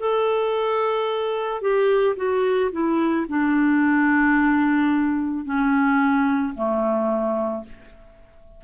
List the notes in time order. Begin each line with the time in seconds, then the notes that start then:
0.00 A4
1.62 G4
2.17 F#4
2.72 E4
3.29 D4
5.45 C#4
6.55 A3